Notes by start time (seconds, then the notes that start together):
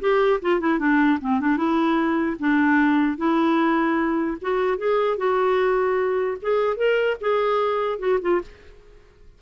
0.00 G4
0.42 F4
0.60 E4
0.79 D4
1.20 C4
1.40 D4
1.57 E4
2.39 D4
3.17 E4
4.41 F#4
4.77 G#4
5.17 F#4
6.41 G#4
6.76 A#4
7.20 G#4
7.99 F#4
8.21 F4